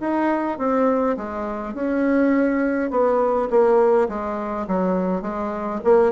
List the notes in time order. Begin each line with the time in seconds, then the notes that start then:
0.00 D#4
0.58 C4
1.17 G#3
1.74 C#4
2.90 B3
3.50 A#3
4.08 G#3
4.67 F#3
5.22 G#3
5.84 A#3